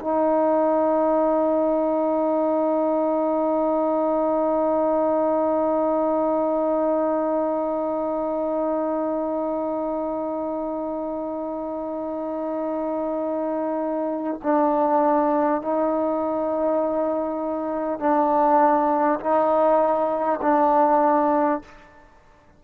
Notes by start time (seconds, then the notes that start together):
0.00 D#4
14.43 D4
15.62 D#4
17.99 D4
19.19 D#4
20.42 D4